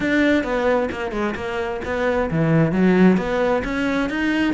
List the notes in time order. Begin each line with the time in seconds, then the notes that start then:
0.00 D4
0.43 B3
0.91 A#3
1.11 G#3
1.35 A#3
1.84 B3
2.31 E3
2.72 F#3
3.17 B3
3.64 C#4
4.09 D#4